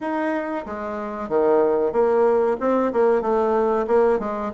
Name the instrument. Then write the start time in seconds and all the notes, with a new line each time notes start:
bassoon
0.00 D#4
0.65 G#3
1.28 D#3
1.92 A#3
2.60 C4
2.92 A#3
3.21 A3
3.87 A#3
4.19 G#3